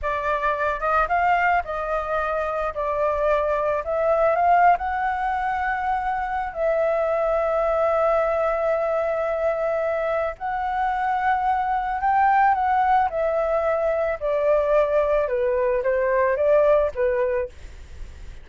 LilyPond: \new Staff \with { instrumentName = "flute" } { \time 4/4 \tempo 4 = 110 d''4. dis''8 f''4 dis''4~ | dis''4 d''2 e''4 | f''8. fis''2.~ fis''16 | e''1~ |
e''2. fis''4~ | fis''2 g''4 fis''4 | e''2 d''2 | b'4 c''4 d''4 b'4 | }